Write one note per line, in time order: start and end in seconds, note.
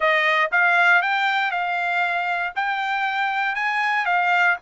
0.00 0.50 D#5
0.51 1.01 F5
1.01 1.51 G5
1.51 2.52 F5
2.55 3.55 G5
3.55 4.05 G#5
4.05 4.56 F5